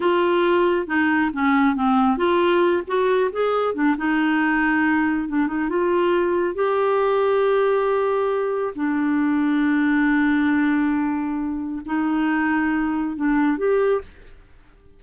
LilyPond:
\new Staff \with { instrumentName = "clarinet" } { \time 4/4 \tempo 4 = 137 f'2 dis'4 cis'4 | c'4 f'4. fis'4 gis'8~ | gis'8 d'8 dis'2. | d'8 dis'8 f'2 g'4~ |
g'1 | d'1~ | d'2. dis'4~ | dis'2 d'4 g'4 | }